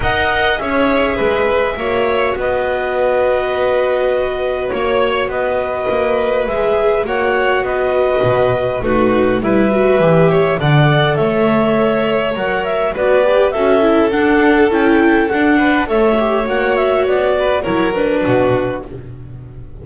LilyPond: <<
  \new Staff \with { instrumentName = "clarinet" } { \time 4/4 \tempo 4 = 102 fis''4 e''2. | dis''1 | cis''4 dis''2 e''4 | fis''4 dis''2 b'4 |
e''2 fis''4 e''4~ | e''4 fis''8 e''8 d''4 e''4 | fis''4 g''4 fis''4 e''4 | fis''8 e''8 d''4 cis''8 b'4. | }
  \new Staff \with { instrumentName = "violin" } { \time 4/4 dis''4 cis''4 b'4 cis''4 | b'1 | cis''4 b'2. | cis''4 b'2 fis'4 |
b'4. cis''8 d''4 cis''4~ | cis''2 b'4 a'4~ | a'2~ a'8 b'8 cis''4~ | cis''4. b'8 ais'4 fis'4 | }
  \new Staff \with { instrumentName = "viola" } { \time 4/4 ais'4 gis'2 fis'4~ | fis'1~ | fis'2. gis'4 | fis'2. dis'4 |
e'8 fis'8 g'4 a'2~ | a'4 ais'4 fis'8 g'8 fis'8 e'8 | d'4 e'4 d'4 a'8 g'8 | fis'2 e'8 d'4. | }
  \new Staff \with { instrumentName = "double bass" } { \time 4/4 dis'4 cis'4 gis4 ais4 | b1 | ais4 b4 ais4 gis4 | ais4 b4 b,4 a4 |
g4 e4 d4 a4~ | a4 fis4 b4 cis'4 | d'4 cis'4 d'4 a4 | ais4 b4 fis4 b,4 | }
>>